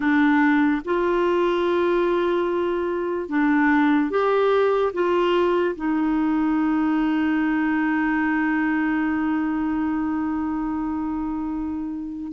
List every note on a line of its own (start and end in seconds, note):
0.00 0.82 D4
0.84 3.28 F4
3.28 4.10 D4
4.10 4.92 G4
4.93 5.75 F4
5.75 12.32 D#4